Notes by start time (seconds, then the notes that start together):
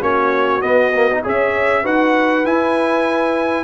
0.00 A#3 C#4 F#4 C#5
0.62 B3 D#5
0.96 A#3
1.12 D#4
1.24 C#4 G#4 C#5 E5
1.84 D#4 F#4 B4 F#5
2.45 E4 G#5